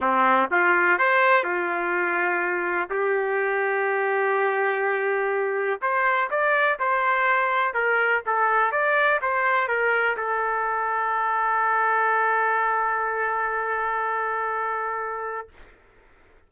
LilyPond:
\new Staff \with { instrumentName = "trumpet" } { \time 4/4 \tempo 4 = 124 c'4 f'4 c''4 f'4~ | f'2 g'2~ | g'1 | c''4 d''4 c''2 |
ais'4 a'4 d''4 c''4 | ais'4 a'2.~ | a'1~ | a'1 | }